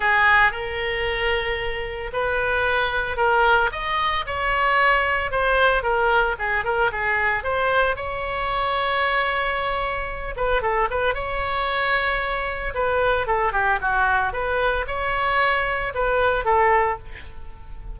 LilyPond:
\new Staff \with { instrumentName = "oboe" } { \time 4/4 \tempo 4 = 113 gis'4 ais'2. | b'2 ais'4 dis''4 | cis''2 c''4 ais'4 | gis'8 ais'8 gis'4 c''4 cis''4~ |
cis''2.~ cis''8 b'8 | a'8 b'8 cis''2. | b'4 a'8 g'8 fis'4 b'4 | cis''2 b'4 a'4 | }